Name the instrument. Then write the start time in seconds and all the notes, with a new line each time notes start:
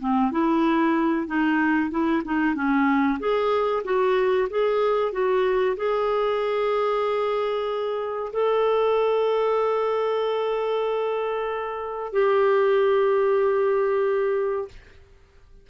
clarinet
0.00 C4
0.31 E4
1.27 D#4
1.91 E4
2.25 D#4
2.55 C#4
3.19 G#4
3.84 F#4
4.50 G#4
5.12 F#4
5.77 G#4
8.33 A4
12.13 G4